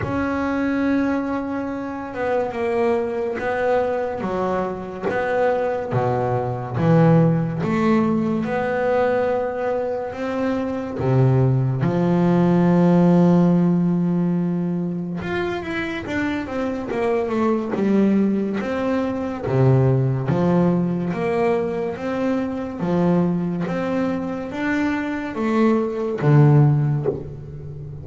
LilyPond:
\new Staff \with { instrumentName = "double bass" } { \time 4/4 \tempo 4 = 71 cis'2~ cis'8 b8 ais4 | b4 fis4 b4 b,4 | e4 a4 b2 | c'4 c4 f2~ |
f2 f'8 e'8 d'8 c'8 | ais8 a8 g4 c'4 c4 | f4 ais4 c'4 f4 | c'4 d'4 a4 d4 | }